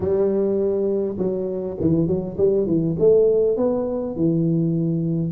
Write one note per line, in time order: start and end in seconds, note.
0.00 1.17 G3
1.17 1.77 F#3
1.80 2.07 E3
2.07 2.36 F#3
2.37 2.66 G3
2.66 2.96 E3
2.99 3.56 A3
3.56 4.16 B3
4.16 5.32 E3